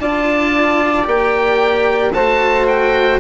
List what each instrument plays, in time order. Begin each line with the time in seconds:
0.00 bassoon D4, cello F4, saxophone D5, oboe A5
1.04 bassoon A#3, cello G4, oboe G5
2.13 bassoon A3, cello F#4, saxophone C5, oboe A5
2.69 oboe G5